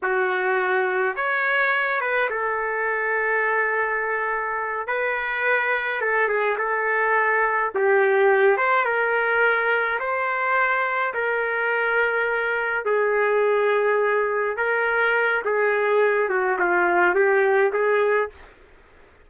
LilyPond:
\new Staff \with { instrumentName = "trumpet" } { \time 4/4 \tempo 4 = 105 fis'2 cis''4. b'8 | a'1~ | a'8 b'2 a'8 gis'8 a'8~ | a'4. g'4. c''8 ais'8~ |
ais'4. c''2 ais'8~ | ais'2~ ais'8 gis'4.~ | gis'4. ais'4. gis'4~ | gis'8 fis'8 f'4 g'4 gis'4 | }